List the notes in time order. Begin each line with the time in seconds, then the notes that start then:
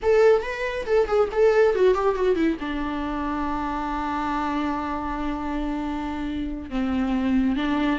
0.02 A4
0.42 B4
0.85 A4
1.07 G#4
1.32 A4
1.75 F#4
1.94 G4
2.15 F#4
2.35 E4
2.60 D4
6.70 C4
7.55 D4